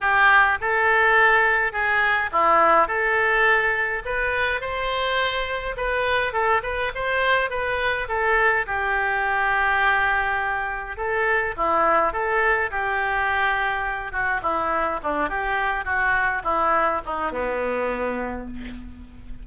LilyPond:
\new Staff \with { instrumentName = "oboe" } { \time 4/4 \tempo 4 = 104 g'4 a'2 gis'4 | e'4 a'2 b'4 | c''2 b'4 a'8 b'8 | c''4 b'4 a'4 g'4~ |
g'2. a'4 | e'4 a'4 g'2~ | g'8 fis'8 e'4 d'8 g'4 fis'8~ | fis'8 e'4 dis'8 b2 | }